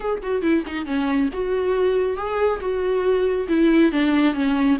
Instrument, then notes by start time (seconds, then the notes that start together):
viola
0.00 G#4
0.22 F#4
0.42 E4
0.66 D#4
0.86 C#4
1.33 F#4
2.16 G#4
2.60 F#4
3.48 E4
3.92 D4
4.34 C#4